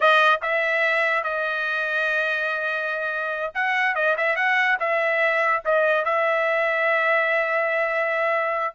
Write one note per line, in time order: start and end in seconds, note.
0.00 0.40 D#5
0.41 1.23 E5
1.23 3.52 D#5
3.54 3.95 F#5
3.95 4.16 D#5
4.17 4.35 E5
4.35 4.77 F#5
4.79 5.62 E5
5.64 6.05 D#5
6.05 8.74 E5